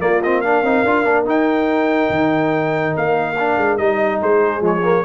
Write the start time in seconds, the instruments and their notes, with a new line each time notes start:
0.00 trombone A#3, tuba A#3, horn F4, trumpet D5
0.23 trombone C4, trumpet D#5
0.41 trombone D4, horn A#4, trumpet F5
0.63 tuba C4, trombone D#4
0.84 tuba D4, trombone F4
1.05 tuba A#3, trombone D4
1.26 tuba D#4, trombone D#4, trumpet G5
2.10 tuba D#3
2.97 tuba A#3, trumpet F5
3.38 trombone D4
3.57 tuba G#3
3.78 tuba G3, trombone D#4, trumpet D#5
4.20 tuba G#3, horn G#4, trumpet C5
4.61 tuba F3, trombone G#3, trumpet C#5
4.83 trombone A#3